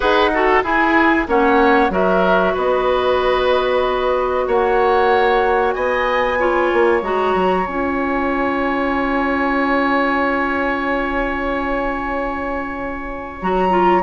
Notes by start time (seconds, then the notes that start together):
0.00 D#4 G#4 B4 F#5
0.33 F#4 A4
0.62 E4 G#4 G#5
1.27 A#3 C#4 C#5 F#5
1.89 F#3 F#4 A#4 E5
2.53 B3 B4 D#5
4.47 A#3 C#5 F#5
5.72 B3 D#5 G#5
6.38 F4 C#5
6.73 A#3
7.02 G#3 F#4 A#5
7.34 F#3
7.65 C#4 F4 G#5
13.41 F#3 F#4 A#5
13.69 F4